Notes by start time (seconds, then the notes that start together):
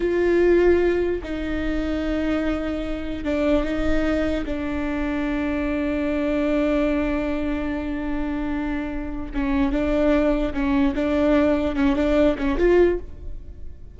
0.00 F4
1.22 D#4
3.24 D4
3.63 D#4
4.45 D4
9.34 C#4
9.72 D4
10.53 C#4
10.95 D4
11.75 C#4
11.96 D4
12.38 C#4
12.58 F4